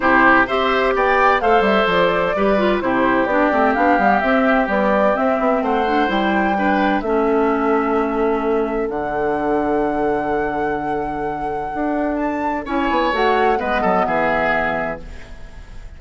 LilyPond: <<
  \new Staff \with { instrumentName = "flute" } { \time 4/4 \tempo 4 = 128 c''4 e''4 g''4 f''8 e''8 | d''2 c''4 d''4 | f''4 e''4 d''4 e''4 | fis''4 g''2 e''4~ |
e''2. fis''4~ | fis''1~ | fis''2 a''4 gis''4 | fis''4 dis''4 e''2 | }
  \new Staff \with { instrumentName = "oboe" } { \time 4/4 g'4 c''4 d''4 c''4~ | c''4 b'4 g'2~ | g'1 | c''2 b'4 a'4~ |
a'1~ | a'1~ | a'2. cis''4~ | cis''4 b'8 a'8 gis'2 | }
  \new Staff \with { instrumentName = "clarinet" } { \time 4/4 e'4 g'2 a'4~ | a'4 g'8 f'8 e'4 d'8 c'8 | d'8 b8 c'4 g4 c'4~ | c'8 d'8 e'4 d'4 cis'4~ |
cis'2. d'4~ | d'1~ | d'2. e'4 | fis'4 b2. | }
  \new Staff \with { instrumentName = "bassoon" } { \time 4/4 c4 c'4 b4 a8 g8 | f4 g4 c4 b8 a8 | b8 g8 c'4 b4 c'8 b8 | a4 g2 a4~ |
a2. d4~ | d1~ | d4 d'2 cis'8 b8 | a4 gis8 fis8 e2 | }
>>